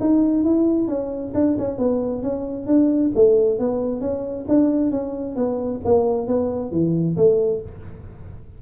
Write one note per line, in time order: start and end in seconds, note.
0.00 0.44 D#4
0.44 0.88 E4
0.88 1.32 C#4
1.34 1.57 D4
1.58 1.78 C#4
1.78 2.22 B3
2.22 2.66 C#4
2.66 3.11 D4
3.15 3.59 A3
3.59 4.00 B3
4.00 4.45 C#4
4.48 4.91 D4
4.91 5.35 C#4
5.35 5.80 B3
5.84 6.27 A#3
6.27 6.71 B3
6.71 7.16 E3
7.16 7.61 A3